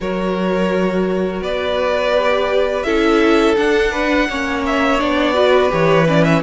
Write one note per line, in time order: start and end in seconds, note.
0.00 1.41 F#3
0.00 2.15 F#4
0.00 1.43 A#4
0.00 1.42 C#5
1.41 2.84 B3
1.41 2.85 B4
1.41 2.83 D5
2.16 2.85 G4
2.83 3.56 C#4
2.83 3.56 E4
2.83 3.91 A4
2.83 3.54 E5
3.56 4.27 D4
3.56 4.29 D4
3.56 4.64 F#5
3.91 4.27 B4
4.29 5.00 A#3
4.29 4.99 C#4
4.29 5.34 C#5
4.66 5.00 E5
4.99 5.72 B3
4.99 5.34 D4
4.99 5.71 D5
5.34 5.68 F#4
5.34 6.41 B4
5.68 6.43 E3
5.68 6.04 G4
5.68 6.07 C#5
6.07 6.42 C#4
6.07 6.24 D5
6.24 6.42 E5